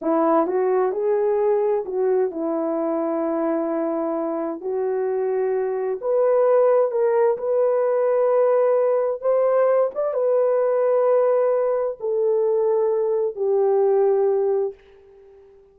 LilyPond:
\new Staff \with { instrumentName = "horn" } { \time 4/4 \tempo 4 = 130 e'4 fis'4 gis'2 | fis'4 e'2.~ | e'2 fis'2~ | fis'4 b'2 ais'4 |
b'1 | c''4. d''8 b'2~ | b'2 a'2~ | a'4 g'2. | }